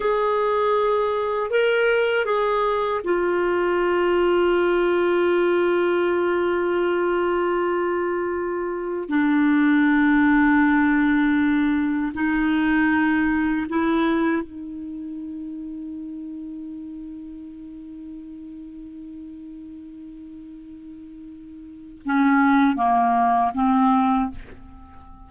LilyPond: \new Staff \with { instrumentName = "clarinet" } { \time 4/4 \tempo 4 = 79 gis'2 ais'4 gis'4 | f'1~ | f'1 | d'1 |
dis'2 e'4 dis'4~ | dis'1~ | dis'1~ | dis'4 cis'4 ais4 c'4 | }